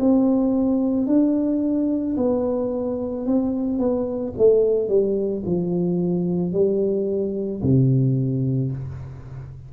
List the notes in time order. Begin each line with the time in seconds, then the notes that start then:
0.00 C4
1.08 D4
2.17 B3
3.26 C4
3.79 B3
4.38 A3
4.89 G3
5.46 F3
6.53 G3
7.63 C3